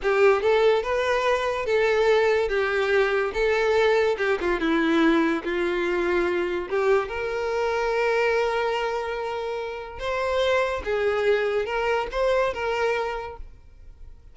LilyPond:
\new Staff \with { instrumentName = "violin" } { \time 4/4 \tempo 4 = 144 g'4 a'4 b'2 | a'2 g'2 | a'2 g'8 f'8 e'4~ | e'4 f'2. |
g'4 ais'2.~ | ais'1 | c''2 gis'2 | ais'4 c''4 ais'2 | }